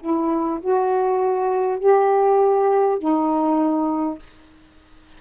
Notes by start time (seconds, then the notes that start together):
0.00 E4
0.61 F#4
1.79 G4
2.99 D#4